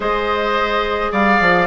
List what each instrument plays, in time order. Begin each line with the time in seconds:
0.00 bassoon G#3, clarinet G#4, oboe C5, flute D#5
1.12 bassoon G3, oboe D5, flute F5
1.40 bassoon F3